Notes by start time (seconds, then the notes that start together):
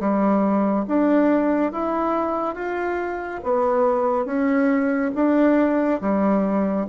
0.00 G3
0.88 D4
1.73 E4
2.55 F4
3.44 B3
4.25 C#4
5.15 D4
6.01 G3